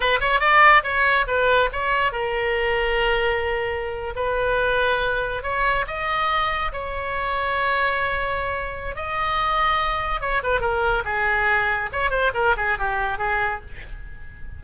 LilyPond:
\new Staff \with { instrumentName = "oboe" } { \time 4/4 \tempo 4 = 141 b'8 cis''8 d''4 cis''4 b'4 | cis''4 ais'2.~ | ais'4.~ ais'16 b'2~ b'16~ | b'8. cis''4 dis''2 cis''16~ |
cis''1~ | cis''4 dis''2. | cis''8 b'8 ais'4 gis'2 | cis''8 c''8 ais'8 gis'8 g'4 gis'4 | }